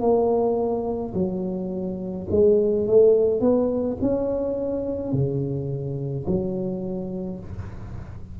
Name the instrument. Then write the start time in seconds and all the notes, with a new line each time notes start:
tuba
0.00 A#3
1.14 F#3
2.31 G#3
2.87 A3
3.41 B3
4.01 C#4
5.13 C#3
6.27 F#3